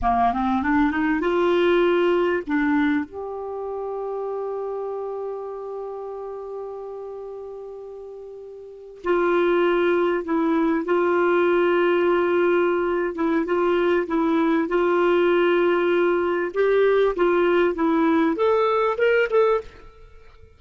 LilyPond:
\new Staff \with { instrumentName = "clarinet" } { \time 4/4 \tempo 4 = 98 ais8 c'8 d'8 dis'8 f'2 | d'4 g'2.~ | g'1~ | g'2~ g'8. f'4~ f'16~ |
f'8. e'4 f'2~ f'16~ | f'4. e'8 f'4 e'4 | f'2. g'4 | f'4 e'4 a'4 ais'8 a'8 | }